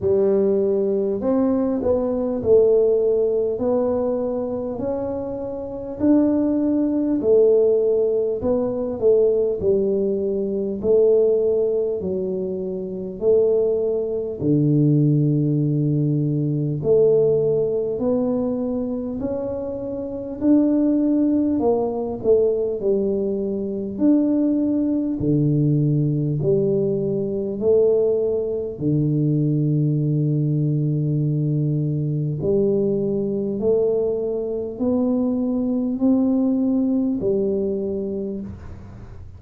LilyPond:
\new Staff \with { instrumentName = "tuba" } { \time 4/4 \tempo 4 = 50 g4 c'8 b8 a4 b4 | cis'4 d'4 a4 b8 a8 | g4 a4 fis4 a4 | d2 a4 b4 |
cis'4 d'4 ais8 a8 g4 | d'4 d4 g4 a4 | d2. g4 | a4 b4 c'4 g4 | }